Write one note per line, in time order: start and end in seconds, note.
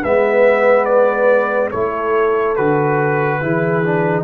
0.00 1.73 G#3
0.00 1.73 B3
0.00 1.69 B4
0.00 0.85 E5
0.85 1.69 D5
1.70 2.58 A3
1.70 2.57 E4
1.70 3.39 A4
1.70 2.55 C#5
2.56 3.42 D3
2.56 3.41 F#4
2.56 4.24 B4
3.41 4.24 E3
3.41 3.83 E4
3.41 4.24 G#4
3.83 4.24 D4